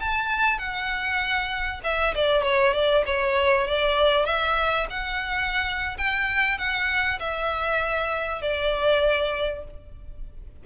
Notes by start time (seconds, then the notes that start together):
0.00 A5
0.59 F#5
1.84 E5
2.15 D5
2.43 C#5
2.74 D5
3.06 C#5
3.67 D5
4.26 E5
4.90 F#5
5.98 G5
6.58 F#5
7.20 E5
8.42 D5